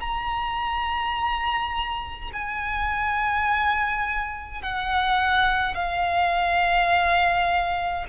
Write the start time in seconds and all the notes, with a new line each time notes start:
0.00 A#5
2.33 G#5
4.62 F#5
5.75 F5